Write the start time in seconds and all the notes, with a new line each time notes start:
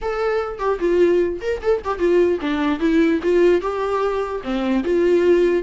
0.01 A4
0.58 G4
0.79 F4
1.41 A#4
1.61 A4
1.84 G4
1.98 F4
2.40 D4
2.79 E4
3.23 F4
3.61 G4
4.43 C4
4.84 F4